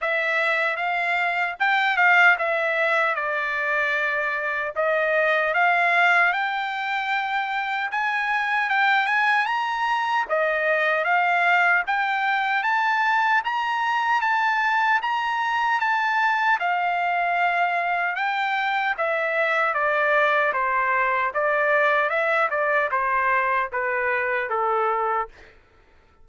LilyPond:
\new Staff \with { instrumentName = "trumpet" } { \time 4/4 \tempo 4 = 76 e''4 f''4 g''8 f''8 e''4 | d''2 dis''4 f''4 | g''2 gis''4 g''8 gis''8 | ais''4 dis''4 f''4 g''4 |
a''4 ais''4 a''4 ais''4 | a''4 f''2 g''4 | e''4 d''4 c''4 d''4 | e''8 d''8 c''4 b'4 a'4 | }